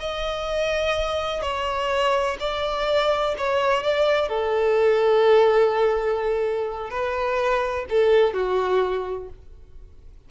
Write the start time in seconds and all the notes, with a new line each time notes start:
0.00 D#5
1.42 C#5
2.40 D5
3.38 C#5
3.83 D5
4.29 A4
6.90 B4
7.89 A4
8.34 F#4